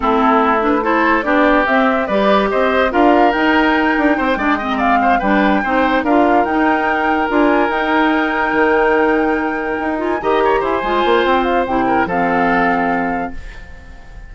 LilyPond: <<
  \new Staff \with { instrumentName = "flute" } { \time 4/4 \tempo 4 = 144 a'4. b'8 c''4 d''4 | e''4 d''4 dis''4 f''4 | g''2.~ g''16 ais''16 f''8~ | f''8 g''2 f''4 g''8~ |
g''4. gis''4 g''4.~ | g''1 | gis''8 ais''4 gis''4. g''8 f''8 | g''4 f''2. | }
  \new Staff \with { instrumentName = "oboe" } { \time 4/4 e'2 a'4 g'4~ | g'4 b'4 c''4 ais'4~ | ais'2 c''8 d''8 dis''8 d''8 | c''8 b'4 c''4 ais'4.~ |
ais'1~ | ais'1~ | ais'8 dis''8 cis''8 c''2~ c''8~ | c''8 ais'8 a'2. | }
  \new Staff \with { instrumentName = "clarinet" } { \time 4/4 c'4. d'8 e'4 d'4 | c'4 g'2 f'4 | dis'2~ dis'8 d'8 c'4~ | c'8 d'4 dis'4 f'4 dis'8~ |
dis'4. f'4 dis'4.~ | dis'1 | f'8 g'4. f'2 | e'4 c'2. | }
  \new Staff \with { instrumentName = "bassoon" } { \time 4/4 a2. b4 | c'4 g4 c'4 d'4 | dis'4. d'8 c'8 gis4.~ | gis8 g4 c'4 d'4 dis'8~ |
dis'4. d'4 dis'4.~ | dis'8 dis2. dis'8~ | dis'8 dis4 e'8 gis8 ais8 c'4 | c4 f2. | }
>>